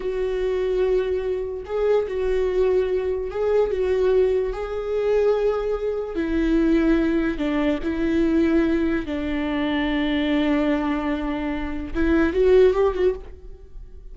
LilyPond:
\new Staff \with { instrumentName = "viola" } { \time 4/4 \tempo 4 = 146 fis'1 | gis'4 fis'2. | gis'4 fis'2 gis'4~ | gis'2. e'4~ |
e'2 d'4 e'4~ | e'2 d'2~ | d'1~ | d'4 e'4 fis'4 g'8 fis'8 | }